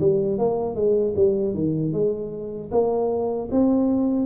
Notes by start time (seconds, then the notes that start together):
0.00 G3
0.38 A#3
0.75 G#3
1.16 G3
1.54 D#3
1.93 G#3
2.71 A#3
3.51 C4